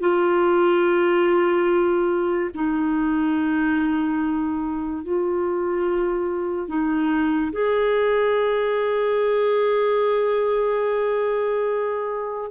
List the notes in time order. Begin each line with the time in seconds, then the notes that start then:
0.00 F4
2.54 D#4
5.03 F4
6.68 D#4
7.52 G#4